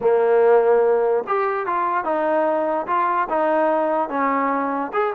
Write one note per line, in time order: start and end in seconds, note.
0.00 1.23 A#3
1.27 1.66 G4
1.66 2.04 F4
2.04 2.86 D#4
2.86 3.27 F4
3.29 4.09 D#4
4.09 4.91 C#4
4.93 5.13 G#4